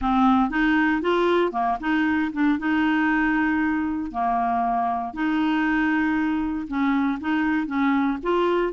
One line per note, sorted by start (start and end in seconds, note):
0.01 0.50 C4
0.50 1.01 D#4
1.01 1.52 F4
1.52 1.77 A#3
1.80 2.31 D#4
2.33 2.58 D4
2.59 4.11 D#4
4.11 5.13 A#3
5.13 6.67 D#4
6.67 7.18 C#4
7.20 7.66 D#4
7.66 8.18 C#4
8.23 8.72 F4